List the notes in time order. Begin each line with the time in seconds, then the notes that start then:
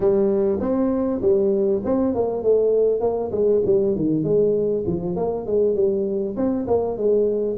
0.00 G3
0.60 C4
1.21 G3
1.84 C4
2.14 A#3
2.42 A3
3.00 A#3
3.31 G#3
3.65 G3
3.95 D#3
4.23 G#3
4.86 F3
5.15 A#3
5.46 G#3
5.75 G3
6.36 C4
6.67 A#3
6.97 G#3